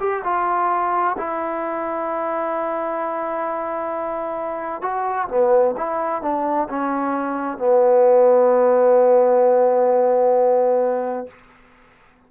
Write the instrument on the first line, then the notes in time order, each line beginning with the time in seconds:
trombone
0.00 G4
0.25 F4
1.18 E4
4.82 F#4
5.29 B3
5.77 E4
6.23 D4
6.70 C#4
7.59 B3